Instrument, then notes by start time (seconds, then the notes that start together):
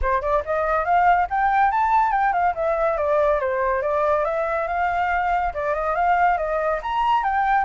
flute
0.01 C5
0.21 D5
0.45 D#5
0.84 F5
1.30 G5
1.71 A5
2.11 G5
2.32 F5
2.55 E5
2.97 D5
3.40 C5
3.82 D5
4.25 E5
4.67 F5
5.54 D5
5.74 D#5
5.95 F5
6.37 D#5
6.82 A#5
7.23 G5